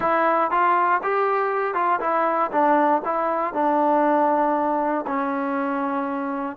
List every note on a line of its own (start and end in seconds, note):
0.00 0.50 E4
0.50 1.01 F4
1.02 1.74 G4
1.74 1.99 F4
2.00 2.50 E4
2.51 3.02 D4
3.04 3.53 E4
3.53 5.05 D4
5.06 6.56 C#4